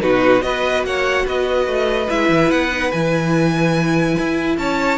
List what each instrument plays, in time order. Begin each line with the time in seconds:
0.00 cello B2, viola D#4, violin F#4 B4
0.42 cello B3, viola F#4, violin B4 D#5
0.84 cello A#3, violin C#5 F#5
1.26 cello B3, violin B4 D#5
1.67 cello A3
2.09 cello G#3, viola E4, violin E5
2.30 cello E3
2.51 cello B3, violin F#5
2.72 viola D#4
2.92 cello E3, viola E4, violin G#5
4.19 cello E4
4.58 cello C#4, violin C#5 A5